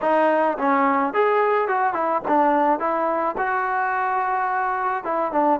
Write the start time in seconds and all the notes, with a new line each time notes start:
0.01 D#4
0.58 C#4
1.13 G#4
1.68 F#4
1.93 E4
2.28 D4
2.79 E4
3.37 F#4
5.04 E4
5.31 D4